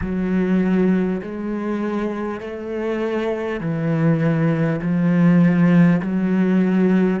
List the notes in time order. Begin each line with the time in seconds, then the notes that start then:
0.01 F#3
1.22 G#3
2.40 A3
3.60 E3
4.81 F3
6.02 F#3